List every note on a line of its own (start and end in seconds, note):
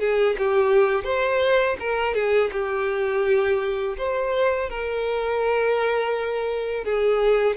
0.00 0.36 G#4
0.38 1.04 G4
1.04 1.77 C5
1.80 2.15 A#4
2.15 2.51 G#4
2.52 3.97 G4
3.98 4.70 C5
4.70 6.85 A#4
6.85 7.57 G#4